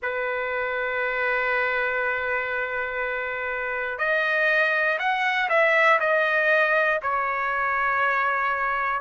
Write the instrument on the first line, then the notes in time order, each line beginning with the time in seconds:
trumpet
0.02 B4
3.98 D#5
4.99 F#5
5.49 E5
6.00 D#5
7.02 C#5